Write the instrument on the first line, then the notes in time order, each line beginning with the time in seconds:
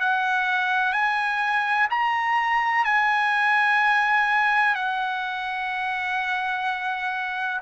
trumpet
0.00 F#5
0.93 G#5
1.90 A#5
2.84 G#5
4.75 F#5